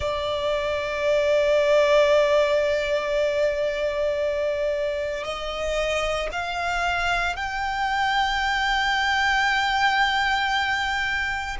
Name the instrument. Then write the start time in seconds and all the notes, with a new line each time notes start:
violin
0.00 D5
5.23 D#5
6.32 F5
7.36 G5